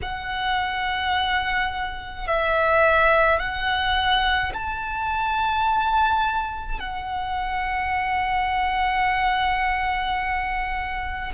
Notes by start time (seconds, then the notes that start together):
0.02 F#5
2.27 E5
3.39 F#5
4.53 A5
6.79 F#5